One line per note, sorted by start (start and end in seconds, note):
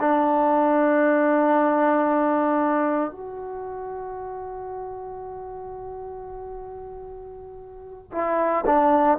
0.00 3.11 D4
3.11 8.11 F#4
8.12 8.65 E4
8.66 9.19 D4